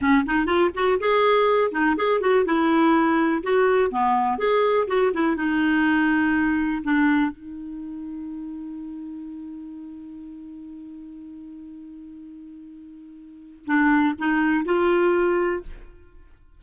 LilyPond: \new Staff \with { instrumentName = "clarinet" } { \time 4/4 \tempo 4 = 123 cis'8 dis'8 f'8 fis'8 gis'4. dis'8 | gis'8 fis'8 e'2 fis'4 | b4 gis'4 fis'8 e'8 dis'4~ | dis'2 d'4 dis'4~ |
dis'1~ | dis'1~ | dis'1 | d'4 dis'4 f'2 | }